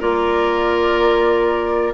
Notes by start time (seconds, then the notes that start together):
0.00 A#3 F4 A#4 D5